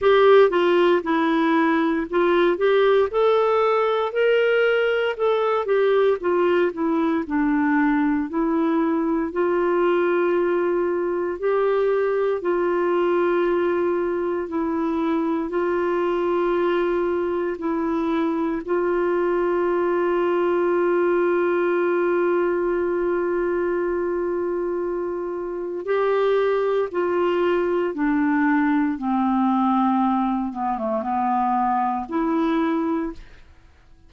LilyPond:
\new Staff \with { instrumentName = "clarinet" } { \time 4/4 \tempo 4 = 58 g'8 f'8 e'4 f'8 g'8 a'4 | ais'4 a'8 g'8 f'8 e'8 d'4 | e'4 f'2 g'4 | f'2 e'4 f'4~ |
f'4 e'4 f'2~ | f'1~ | f'4 g'4 f'4 d'4 | c'4. b16 a16 b4 e'4 | }